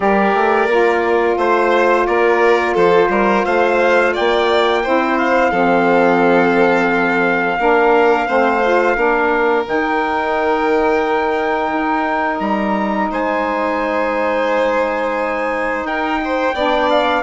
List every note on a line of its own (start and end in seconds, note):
0.00 0.34 G3
0.00 0.68 G4
0.00 1.37 A#4
0.00 1.38 D5
0.34 0.66 A3
0.66 1.35 A#3
0.66 4.82 F4
1.37 2.06 A3
1.37 2.06 C5
2.06 2.75 A#3
2.06 2.73 A#4
2.06 2.75 D5
2.73 3.09 F3
2.73 3.08 A4
2.73 3.45 C5
3.09 3.43 G3
3.09 3.45 A#4
3.45 4.15 A3
3.45 4.13 C5
3.45 4.14 F5
4.13 4.82 D5
4.13 5.18 G5
4.19 4.86 A#3
4.82 5.51 C4
4.82 5.52 E4
4.82 5.50 C5
5.18 9.66 F5
5.50 7.58 F3
5.50 7.59 C4
5.50 7.57 A4
7.58 8.27 A#3
7.58 8.27 D4
7.58 8.27 A#4
8.27 8.96 A3
8.27 8.61 C4
8.27 8.96 C5
8.63 8.95 F4
8.95 9.65 A#3
8.95 9.64 D4
8.95 13.10 A#4
9.65 11.72 D#3
9.65 16.54 D#4
9.65 12.39 G5
11.72 12.40 D#4
12.39 13.09 G3
12.39 13.08 A#5
13.10 15.83 G#3
13.10 15.86 C5
13.10 15.85 G#5
15.83 16.52 D#4
15.83 16.21 A#4
15.83 16.89 G5
16.24 16.54 C5
16.54 17.23 B3
16.54 17.23 D4
16.54 17.23 D5
16.90 17.23 F5